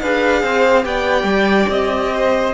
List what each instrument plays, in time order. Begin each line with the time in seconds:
0.00 cello D4, viola G#4, violin B4 F5
0.43 cello C4, violin C5
0.83 cello B3, viola G4, violin D5 G5
1.23 cello G3
1.69 cello C4, violin D#5
2.13 violin C5